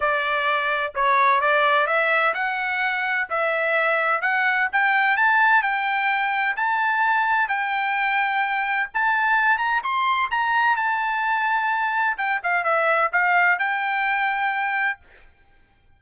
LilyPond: \new Staff \with { instrumentName = "trumpet" } { \time 4/4 \tempo 4 = 128 d''2 cis''4 d''4 | e''4 fis''2 e''4~ | e''4 fis''4 g''4 a''4 | g''2 a''2 |
g''2. a''4~ | a''8 ais''8 c'''4 ais''4 a''4~ | a''2 g''8 f''8 e''4 | f''4 g''2. | }